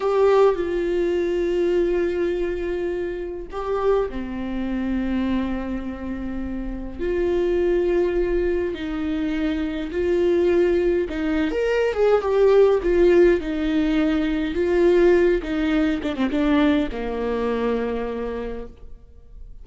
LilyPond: \new Staff \with { instrumentName = "viola" } { \time 4/4 \tempo 4 = 103 g'4 f'2.~ | f'2 g'4 c'4~ | c'1 | f'2. dis'4~ |
dis'4 f'2 dis'8. ais'16~ | ais'8 gis'8 g'4 f'4 dis'4~ | dis'4 f'4. dis'4 d'16 c'16 | d'4 ais2. | }